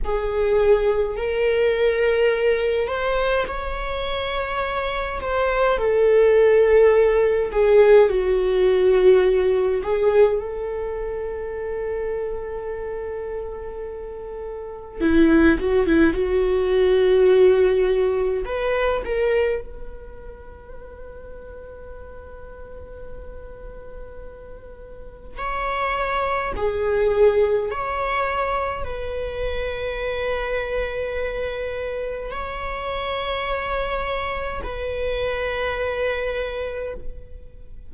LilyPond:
\new Staff \with { instrumentName = "viola" } { \time 4/4 \tempo 4 = 52 gis'4 ais'4. c''8 cis''4~ | cis''8 c''8 a'4. gis'8 fis'4~ | fis'8 gis'8 a'2.~ | a'4 e'8 fis'16 e'16 fis'2 |
b'8 ais'8 b'2.~ | b'2 cis''4 gis'4 | cis''4 b'2. | cis''2 b'2 | }